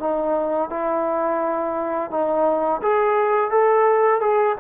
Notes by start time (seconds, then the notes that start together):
0.00 D#4
0.70 E4
2.10 D#4
2.82 G#4
3.51 A4
4.21 G#4